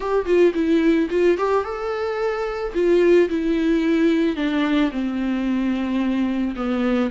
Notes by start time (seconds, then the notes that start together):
0.00 G4
0.25 F4
0.54 E4
1.10 F4
1.37 G4
1.64 A4
2.74 F4
3.29 E4
4.36 D4
4.91 C4
6.56 B3